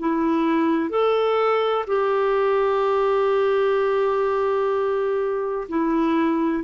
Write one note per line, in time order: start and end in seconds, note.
0.00 0.90 E4
0.90 1.85 A4
1.87 5.68 G4
5.69 6.65 E4